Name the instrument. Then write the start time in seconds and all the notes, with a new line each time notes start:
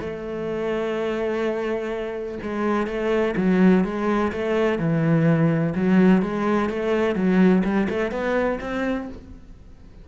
cello
0.00 A3
2.43 G#3
2.87 A3
3.37 F#3
3.84 G#3
4.32 A3
4.78 E3
5.75 F#3
6.22 G#3
6.69 A3
7.15 F#3
7.64 G3
7.89 A3
8.11 B3
8.60 C4